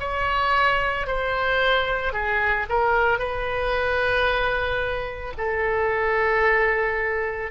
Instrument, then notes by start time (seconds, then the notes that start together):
oboe
0.00 C#5
1.07 C5
2.13 G#4
2.69 A#4
3.19 B4
5.38 A4